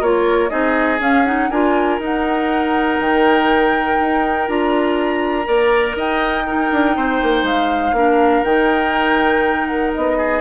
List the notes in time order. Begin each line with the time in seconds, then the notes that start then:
0.00 A#3 F4 A#4 C#5
0.49 C4 D#4 G#4 D#5
0.99 C#4 F5
1.25 D#4 F#5
1.50 D4 F4 A#4 G#5
1.98 D#4 F#5
3.00 D#3 G5
4.00 D#4
4.47 D4 F4 A#5
5.45 A#3 A#4 D5
5.95 D#4 D#5 G5
6.46 D#4 A#4
6.71 D4
6.96 C4 C5
7.22 A#3
7.43 G#3 F5
7.92 A#3 D4 A#4
8.44 D#3 D#4 G5
9.66 F#5
9.94 B3 D#5
10.18 G#4